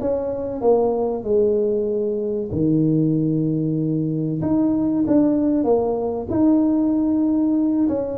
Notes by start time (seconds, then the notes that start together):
0.00 C#4
0.61 A#3
1.23 G#3
2.51 D#3
4.41 D#4
5.07 D4
5.64 A#3
6.30 D#4
7.88 C#4